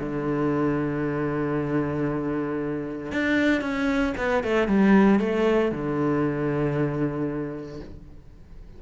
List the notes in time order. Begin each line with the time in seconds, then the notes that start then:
0.00 D3
3.12 D4
3.61 C#4
4.18 B3
4.44 A3
4.68 G3
5.20 A3
5.72 D3